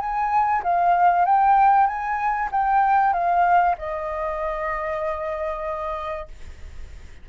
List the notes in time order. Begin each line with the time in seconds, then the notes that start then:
0.00 G#5
0.63 F5
1.25 G5
1.87 G#5
2.52 G5
3.13 F5
3.78 D#5